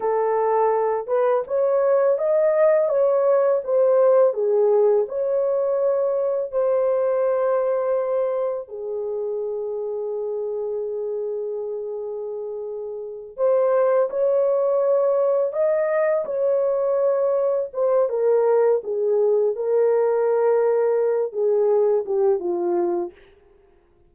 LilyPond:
\new Staff \with { instrumentName = "horn" } { \time 4/4 \tempo 4 = 83 a'4. b'8 cis''4 dis''4 | cis''4 c''4 gis'4 cis''4~ | cis''4 c''2. | gis'1~ |
gis'2~ gis'8 c''4 cis''8~ | cis''4. dis''4 cis''4.~ | cis''8 c''8 ais'4 gis'4 ais'4~ | ais'4. gis'4 g'8 f'4 | }